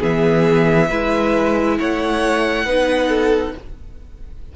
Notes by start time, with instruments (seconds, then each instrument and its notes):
0.00 cello E3, viola B3, violin G#4 E5
0.89 cello G#3, viola E4, violin B4
1.79 cello A3, violin C#5 F#5
2.65 cello B3, viola D#4, violin B4
3.08 violin A4